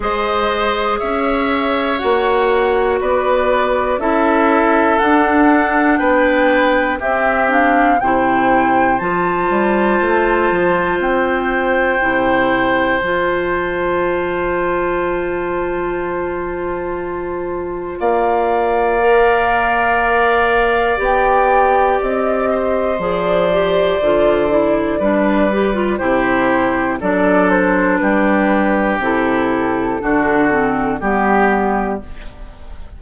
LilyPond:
<<
  \new Staff \with { instrumentName = "flute" } { \time 4/4 \tempo 4 = 60 dis''4 e''4 fis''4 d''4 | e''4 fis''4 g''4 e''8 f''8 | g''4 a''2 g''4~ | g''4 a''2.~ |
a''2 f''2~ | f''4 g''4 dis''4 d''4~ | d''2 c''4 d''8 c''8 | b'4 a'2 g'4 | }
  \new Staff \with { instrumentName = "oboe" } { \time 4/4 c''4 cis''2 b'4 | a'2 b'4 g'4 | c''1~ | c''1~ |
c''2 d''2~ | d''2~ d''8 c''4.~ | c''4 b'4 g'4 a'4 | g'2 fis'4 g'4 | }
  \new Staff \with { instrumentName = "clarinet" } { \time 4/4 gis'2 fis'2 | e'4 d'2 c'8 d'8 | e'4 f'2. | e'4 f'2.~ |
f'2. ais'4~ | ais'4 g'2 gis'8 g'8 | f'8 e'8 d'8 g'16 f'16 e'4 d'4~ | d'4 e'4 d'8 c'8 b4 | }
  \new Staff \with { instrumentName = "bassoon" } { \time 4/4 gis4 cis'4 ais4 b4 | cis'4 d'4 b4 c'4 | c4 f8 g8 a8 f8 c'4 | c4 f2.~ |
f2 ais2~ | ais4 b4 c'4 f4 | d4 g4 c4 fis4 | g4 c4 d4 g4 | }
>>